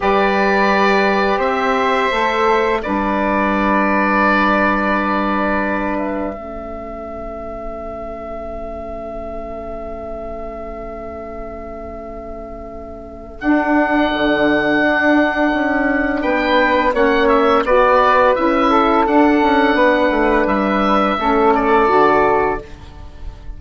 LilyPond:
<<
  \new Staff \with { instrumentName = "oboe" } { \time 4/4 \tempo 4 = 85 d''2 e''2 | d''1~ | d''8 e''2.~ e''8~ | e''1~ |
e''2. fis''4~ | fis''2. g''4 | fis''8 e''8 d''4 e''4 fis''4~ | fis''4 e''4. d''4. | }
  \new Staff \with { instrumentName = "flute" } { \time 4/4 b'2 c''2 | b'1~ | b'4 a'2.~ | a'1~ |
a'1~ | a'2. b'4 | cis''4 b'4. a'4. | b'2 a'2 | }
  \new Staff \with { instrumentName = "saxophone" } { \time 4/4 g'2. a'4 | d'1~ | d'4 cis'2.~ | cis'1~ |
cis'2. d'4~ | d'1 | cis'4 fis'4 e'4 d'4~ | d'2 cis'4 fis'4 | }
  \new Staff \with { instrumentName = "bassoon" } { \time 4/4 g2 c'4 a4 | g1~ | g4 a2.~ | a1~ |
a2. d'4 | d4 d'4 cis'4 b4 | ais4 b4 cis'4 d'8 cis'8 | b8 a8 g4 a4 d4 | }
>>